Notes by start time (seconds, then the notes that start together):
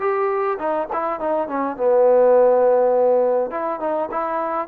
0.00 G4
0.59 D#4
0.93 E4
1.20 D#4
1.48 C#4
1.77 B3
3.51 E4
3.80 D#4
4.11 E4